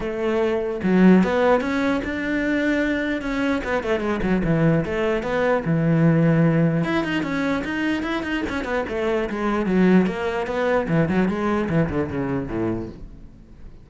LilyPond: \new Staff \with { instrumentName = "cello" } { \time 4/4 \tempo 4 = 149 a2 fis4 b4 | cis'4 d'2. | cis'4 b8 a8 gis8 fis8 e4 | a4 b4 e2~ |
e4 e'8 dis'8 cis'4 dis'4 | e'8 dis'8 cis'8 b8 a4 gis4 | fis4 ais4 b4 e8 fis8 | gis4 e8 d8 cis4 a,4 | }